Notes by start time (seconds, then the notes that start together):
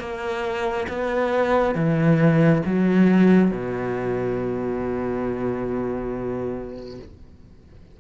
0.00 A#3
0.89 B3
1.75 E3
2.66 F#3
3.51 B2